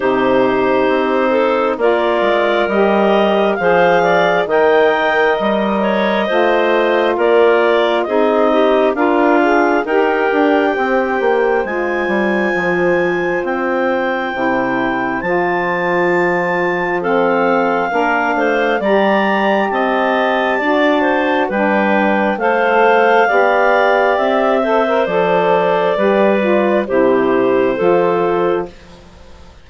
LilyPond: <<
  \new Staff \with { instrumentName = "clarinet" } { \time 4/4 \tempo 4 = 67 c''2 d''4 dis''4 | f''4 g''4 dis''2 | d''4 dis''4 f''4 g''4~ | g''4 gis''2 g''4~ |
g''4 a''2 f''4~ | f''4 ais''4 a''2 | g''4 f''2 e''4 | d''2 c''2 | }
  \new Staff \with { instrumentName = "clarinet" } { \time 4/4 g'4. a'8 ais'2 | c''8 d''8 dis''4. cis''8 c''4 | ais'4 gis'8 g'8 f'4 ais'4 | c''1~ |
c''2. a'4 | ais'8 c''8 d''4 dis''4 d''8 c''8 | b'4 c''4 d''4. c''8~ | c''4 b'4 g'4 a'4 | }
  \new Staff \with { instrumentName = "saxophone" } { \time 4/4 dis'2 f'4 g'4 | gis'4 ais'2 f'4~ | f'4 dis'4 ais'8 gis'8 g'4~ | g'4 f'2. |
e'4 f'2 c'4 | d'4 g'2 fis'4 | d'4 a'4 g'4. a'16 ais'16 | a'4 g'8 f'8 e'4 f'4 | }
  \new Staff \with { instrumentName = "bassoon" } { \time 4/4 c4 c'4 ais8 gis8 g4 | f4 dis4 g4 a4 | ais4 c'4 d'4 dis'8 d'8 | c'8 ais8 gis8 g8 f4 c'4 |
c4 f2. | ais8 a8 g4 c'4 d'4 | g4 a4 b4 c'4 | f4 g4 c4 f4 | }
>>